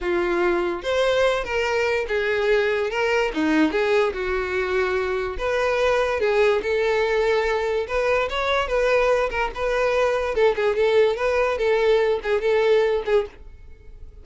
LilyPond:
\new Staff \with { instrumentName = "violin" } { \time 4/4 \tempo 4 = 145 f'2 c''4. ais'8~ | ais'4 gis'2 ais'4 | dis'4 gis'4 fis'2~ | fis'4 b'2 gis'4 |
a'2. b'4 | cis''4 b'4. ais'8 b'4~ | b'4 a'8 gis'8 a'4 b'4 | a'4. gis'8 a'4. gis'8 | }